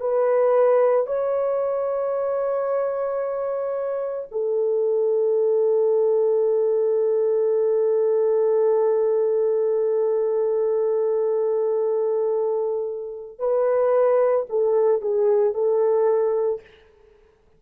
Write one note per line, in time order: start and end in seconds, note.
0.00 1.06 B4
1.06 4.28 C#5
4.31 13.39 A4
13.39 14.46 B4
14.49 15.01 A4
15.01 15.54 G#4
15.54 16.61 A4